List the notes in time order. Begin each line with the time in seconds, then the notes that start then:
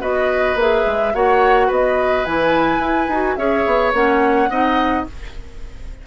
0.00 B3 F#4 B4 D#5
0.55 A#3 G#4 E5
0.86 G#3
1.13 A#3 F#4 C#5 F#5
1.67 B3 B4 D#5
2.25 E3 E4 G#5
2.78 E4
3.08 D#4 F#4
3.36 C#4 G#4 C#5 E5
3.65 B3
3.93 A#3 C#4 F#5
4.49 C4 D#4 D#5